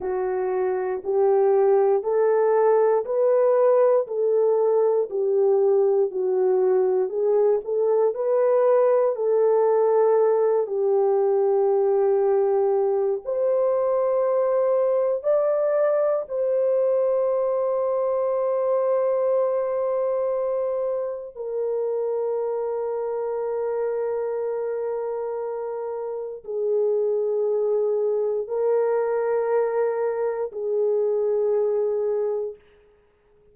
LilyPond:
\new Staff \with { instrumentName = "horn" } { \time 4/4 \tempo 4 = 59 fis'4 g'4 a'4 b'4 | a'4 g'4 fis'4 gis'8 a'8 | b'4 a'4. g'4.~ | g'4 c''2 d''4 |
c''1~ | c''4 ais'2.~ | ais'2 gis'2 | ais'2 gis'2 | }